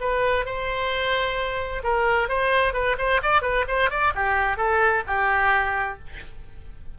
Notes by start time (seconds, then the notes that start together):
0.00 B4
0.45 C5
1.83 A#4
2.29 C5
2.73 B4
2.98 C5
3.22 D5
3.42 B4
3.68 C5
3.90 D5
4.15 G4
4.57 A4
5.07 G4